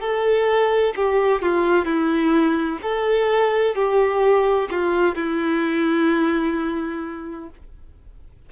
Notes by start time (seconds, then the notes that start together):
0.00 A4
0.95 G4
1.41 F4
1.85 E4
2.82 A4
3.75 G4
4.70 F4
5.15 E4